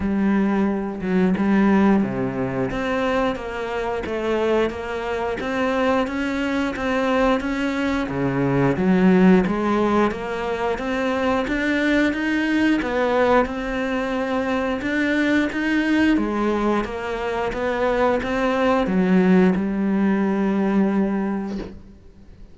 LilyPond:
\new Staff \with { instrumentName = "cello" } { \time 4/4 \tempo 4 = 89 g4. fis8 g4 c4 | c'4 ais4 a4 ais4 | c'4 cis'4 c'4 cis'4 | cis4 fis4 gis4 ais4 |
c'4 d'4 dis'4 b4 | c'2 d'4 dis'4 | gis4 ais4 b4 c'4 | fis4 g2. | }